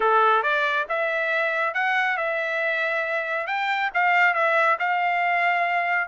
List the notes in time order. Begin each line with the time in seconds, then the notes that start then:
0.00 A4
0.42 D5
0.89 E5
1.74 F#5
2.17 E5
3.47 G5
3.93 F5
4.33 E5
4.79 F5